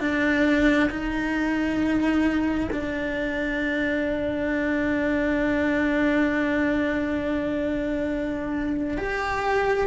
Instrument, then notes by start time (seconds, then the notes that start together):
cello
0.00 D4
0.90 D#4
2.72 D4
8.98 G4